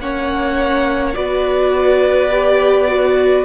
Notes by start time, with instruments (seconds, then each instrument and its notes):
0.00 cello A#3, viola C#4, violin C#5 F#5
1.14 cello B3, viola F#4, violin B4 D5
2.31 viola G4
2.88 viola F#4